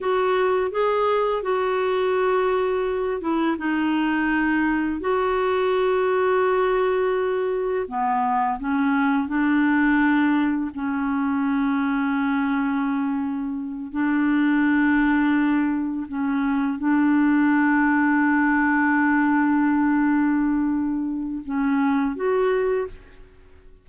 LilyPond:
\new Staff \with { instrumentName = "clarinet" } { \time 4/4 \tempo 4 = 84 fis'4 gis'4 fis'2~ | fis'8 e'8 dis'2 fis'4~ | fis'2. b4 | cis'4 d'2 cis'4~ |
cis'2.~ cis'8 d'8~ | d'2~ d'8 cis'4 d'8~ | d'1~ | d'2 cis'4 fis'4 | }